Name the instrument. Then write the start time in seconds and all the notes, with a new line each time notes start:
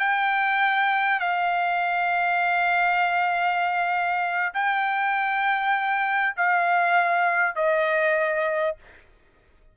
trumpet
0.00 G5
1.20 F5
4.54 G5
6.37 F5
7.56 D#5